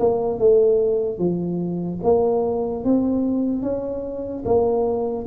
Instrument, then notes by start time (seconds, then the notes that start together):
tuba
0.00 A#3
0.39 A3
1.19 F3
2.03 A#3
2.85 C4
3.63 C#4
4.46 A#3